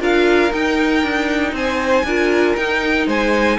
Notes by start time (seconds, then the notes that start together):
0.00 D4 F4 A#4 F5
0.52 D#4 G5
1.03 D4
1.53 C4 C5 G#5
2.04 D4 F4 A#4
2.56 D#4 G5
3.07 G#3 C5 G#5